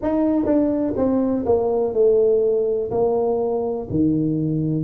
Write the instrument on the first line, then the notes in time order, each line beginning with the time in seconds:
tuba
0.01 D#4
0.45 D4
0.96 C4
1.45 A#3
1.94 A3
2.90 A#3
3.89 D#3